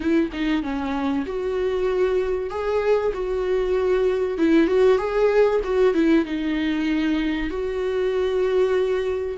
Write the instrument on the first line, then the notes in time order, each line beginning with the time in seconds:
viola
0.00 E4
0.32 D#4
0.62 C#4
1.26 F#4
2.50 G#4
3.13 F#4
4.38 E4
4.67 F#4
4.98 G#4
5.64 F#4
5.94 E4
6.25 D#4
7.49 F#4